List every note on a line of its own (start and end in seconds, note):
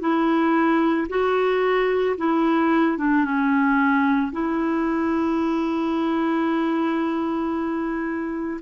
0.00 1.07 E4
1.09 2.16 F#4
2.17 2.98 E4
2.98 3.24 D4
3.24 4.31 C#4
4.32 8.61 E4